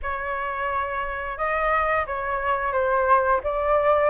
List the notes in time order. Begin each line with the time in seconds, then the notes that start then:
0.02 C#5
1.37 D#5
2.06 C#5
2.72 C5
3.43 D5